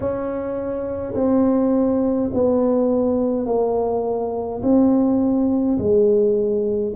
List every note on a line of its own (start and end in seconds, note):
0.00 1.13 C#4
1.14 2.30 C4
2.33 3.46 B3
3.46 4.61 A#3
4.62 5.77 C4
5.78 6.93 G#3